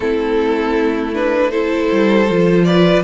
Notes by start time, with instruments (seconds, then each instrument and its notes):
0.00 cello A3, viola C4, violin E4 A4
1.13 viola D4, violin B4
1.50 viola E4, violin A4 C5
1.92 cello G3
2.29 cello F3, viola F4
2.64 violin B4 D5